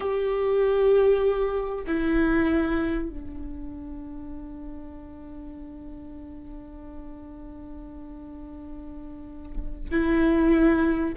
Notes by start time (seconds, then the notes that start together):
0.00 G4
1.86 E4
3.09 D4
9.91 E4